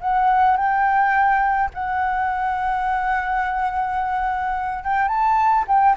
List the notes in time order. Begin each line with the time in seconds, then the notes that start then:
0.00 F#5
0.56 G5
1.74 F#5
4.84 G5
5.08 A5
5.67 G5